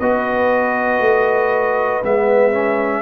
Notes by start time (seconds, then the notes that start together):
0.00 B3 F#4 B4 D#5
1.00 A3
2.04 G#3 B3 E5
2.52 C#4